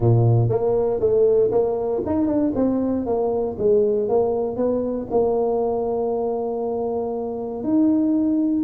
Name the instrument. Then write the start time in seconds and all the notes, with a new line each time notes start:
tuba
0.00 A#2
0.49 A#3
1.00 A3
1.51 A#3
2.05 D#4
2.26 D4
2.55 C4
3.06 A#3
3.58 G#3
4.08 A#3
4.56 B3
5.10 A#3
7.63 D#4